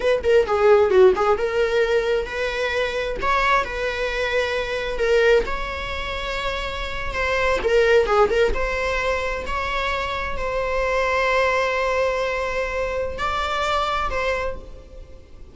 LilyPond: \new Staff \with { instrumentName = "viola" } { \time 4/4 \tempo 4 = 132 b'8 ais'8 gis'4 fis'8 gis'8 ais'4~ | ais'4 b'2 cis''4 | b'2. ais'4 | cis''2.~ cis''8. c''16~ |
c''8. ais'4 gis'8 ais'8 c''4~ c''16~ | c''8. cis''2 c''4~ c''16~ | c''1~ | c''4 d''2 c''4 | }